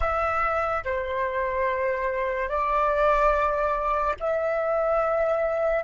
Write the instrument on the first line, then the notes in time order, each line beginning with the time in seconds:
flute
0.00 E5
0.84 C5
2.48 D5
4.19 E5